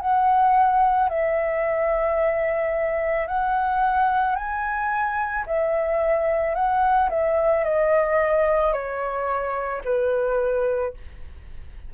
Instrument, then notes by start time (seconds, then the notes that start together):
flute
0.00 F#5
1.09 E5
3.27 F#5
4.35 G#5
5.46 E5
6.55 F#5
7.09 E5
7.64 D#5
8.72 C#5
9.84 B4